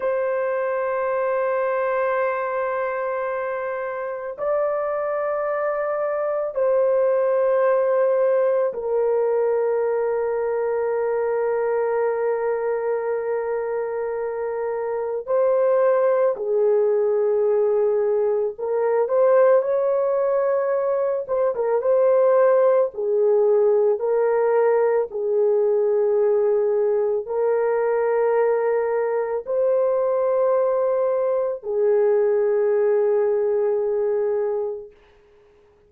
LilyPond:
\new Staff \with { instrumentName = "horn" } { \time 4/4 \tempo 4 = 55 c''1 | d''2 c''2 | ais'1~ | ais'2 c''4 gis'4~ |
gis'4 ais'8 c''8 cis''4. c''16 ais'16 | c''4 gis'4 ais'4 gis'4~ | gis'4 ais'2 c''4~ | c''4 gis'2. | }